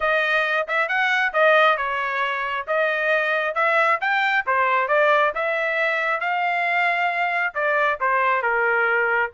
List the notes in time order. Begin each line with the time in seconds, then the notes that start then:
0.00 D#5
0.67 E5
0.88 F#5
1.33 D#5
1.77 C#5
2.67 D#5
3.55 E5
4.00 G5
4.46 C5
4.88 D5
5.34 E5
6.20 F5
7.54 D5
8.00 C5
8.42 A#4